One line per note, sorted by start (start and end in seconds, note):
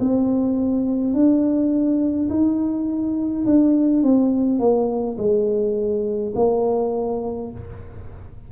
0.00 1.13 C4
1.13 2.29 D4
2.29 3.45 D#4
3.45 4.02 D4
4.02 4.59 C4
4.59 5.17 A#3
5.18 6.33 G#3
6.35 7.51 A#3